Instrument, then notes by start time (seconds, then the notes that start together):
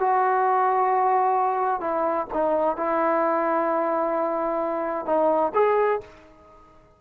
trombone
0.00 F#4
1.80 E4
2.34 D#4
2.77 E4
5.06 D#4
5.54 G#4